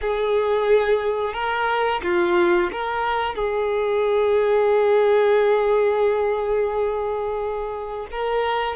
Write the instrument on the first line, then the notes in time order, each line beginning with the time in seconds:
violin
0.01 G#4
1.33 A#4
2.03 F4
2.72 A#4
3.35 G#4
8.11 A#4